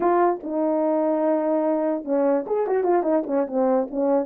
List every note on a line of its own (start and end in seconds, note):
0.00 0.40 F4
0.43 2.04 D#4
2.04 2.45 C#4
2.46 2.66 G#4
2.66 2.83 F#4
2.83 3.02 F4
3.02 3.23 D#4
3.26 3.46 C#4
3.47 3.88 C4
3.90 4.26 C#4